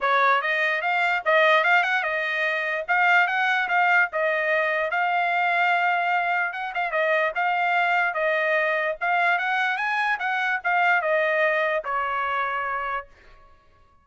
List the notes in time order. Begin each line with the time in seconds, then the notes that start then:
0.01 C#5
0.41 D#5
0.81 F5
1.25 D#5
1.63 F5
1.83 F#5
2.03 D#5
2.88 F5
3.27 F#5
3.68 F5
4.12 D#5
4.90 F5
6.53 F#5
6.74 F5
6.91 D#5
7.35 F5
8.13 D#5
9.00 F5
9.38 F#5
9.77 G#5
10.19 F#5
10.63 F5
11.01 D#5
11.84 C#5